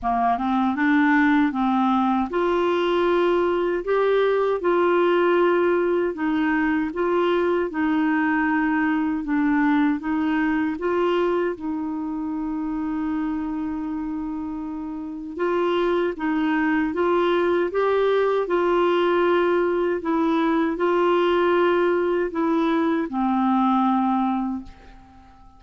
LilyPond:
\new Staff \with { instrumentName = "clarinet" } { \time 4/4 \tempo 4 = 78 ais8 c'8 d'4 c'4 f'4~ | f'4 g'4 f'2 | dis'4 f'4 dis'2 | d'4 dis'4 f'4 dis'4~ |
dis'1 | f'4 dis'4 f'4 g'4 | f'2 e'4 f'4~ | f'4 e'4 c'2 | }